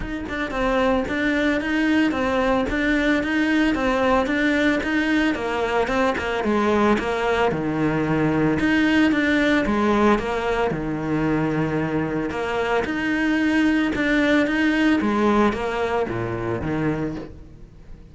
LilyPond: \new Staff \with { instrumentName = "cello" } { \time 4/4 \tempo 4 = 112 dis'8 d'8 c'4 d'4 dis'4 | c'4 d'4 dis'4 c'4 | d'4 dis'4 ais4 c'8 ais8 | gis4 ais4 dis2 |
dis'4 d'4 gis4 ais4 | dis2. ais4 | dis'2 d'4 dis'4 | gis4 ais4 ais,4 dis4 | }